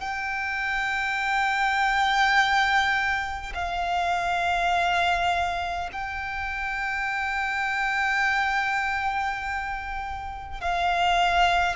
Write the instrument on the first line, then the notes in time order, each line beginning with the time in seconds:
violin
0.00 G5
3.55 F5
5.93 G5
10.61 F5